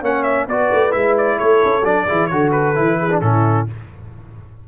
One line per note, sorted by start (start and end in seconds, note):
0.00 0.47 A#3
0.00 0.48 C#4
0.00 0.46 C#5
0.00 0.23 F#5
0.23 0.46 E5
0.47 0.70 B3
0.47 0.90 F#4
0.47 1.37 B4
0.47 0.92 D5
0.72 0.93 A3
0.90 1.39 G#3
0.90 1.82 E4
0.90 1.14 E5
1.17 1.38 D5
1.37 1.64 A3
1.37 2.05 A4
1.37 1.84 C#5
1.64 1.84 C#4
1.84 2.06 F#3
1.84 2.07 D4
1.84 2.26 D5
2.06 2.31 E3
2.06 2.31 E4
2.06 2.29 G#4
2.26 2.77 D3
2.26 2.74 F#4
2.26 2.99 A4
2.26 2.49 C#5
2.51 3.20 B4
2.74 3.21 E3
2.74 3.09 E4
2.99 3.22 G#4
3.10 3.21 D4
3.20 3.67 A2
3.20 3.67 C#4
3.20 3.68 E4
3.20 3.66 A4